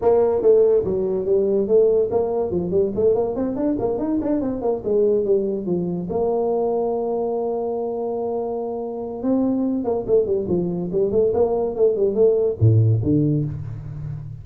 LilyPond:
\new Staff \with { instrumentName = "tuba" } { \time 4/4 \tempo 4 = 143 ais4 a4 fis4 g4 | a4 ais4 f8 g8 a8 ais8 | c'8 d'8 ais8 dis'8 d'8 c'8 ais8 gis8~ | gis8 g4 f4 ais4.~ |
ais1~ | ais2 c'4. ais8 | a8 g8 f4 g8 a8 ais4 | a8 g8 a4 a,4 d4 | }